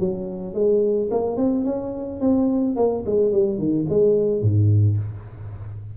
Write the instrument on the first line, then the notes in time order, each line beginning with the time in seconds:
tuba
0.00 F#3
0.54 G#3
1.11 A#3
1.37 C4
1.65 C#4
2.21 C4
2.76 A#3
3.06 G#3
3.32 G3
3.59 D#3
3.90 G#3
4.42 G#2